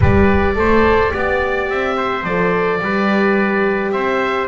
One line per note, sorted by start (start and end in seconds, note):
0.00 0.56 G3
0.00 0.55 G4
0.00 0.56 B4
0.00 1.69 D5
0.55 1.12 A3
0.55 1.10 A4
0.55 1.12 C5
1.10 1.69 B3
1.10 2.22 G4
1.10 1.96 D5
1.69 2.23 C4
1.69 2.24 E5
1.96 2.80 C5
2.23 2.79 F3
2.23 2.82 A4
2.23 3.91 D5
2.80 3.92 G3
2.80 4.47 G4
2.80 3.93 B4
3.91 4.47 C4
3.91 4.47 C5
3.91 4.47 E5